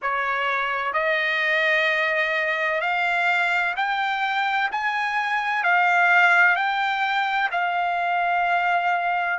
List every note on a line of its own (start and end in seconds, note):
0.02 0.93 C#5
0.93 2.80 D#5
2.80 3.74 F5
3.76 4.70 G5
4.71 5.63 G#5
5.63 6.55 F5
6.55 7.49 G5
7.51 9.39 F5